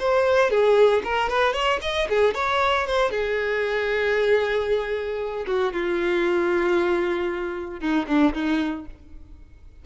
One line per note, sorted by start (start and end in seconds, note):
0.00 0.51 C5
0.51 1.03 G#4
1.04 1.29 A#4
1.29 1.54 B4
1.54 1.80 C#5
1.82 2.08 D#5
2.09 2.35 G#4
2.35 2.87 C#5
2.87 3.11 C5
3.11 5.46 G#4
5.47 5.73 F#4
5.73 7.80 F4
7.80 8.07 D#4
8.08 8.34 D4
8.34 8.86 D#4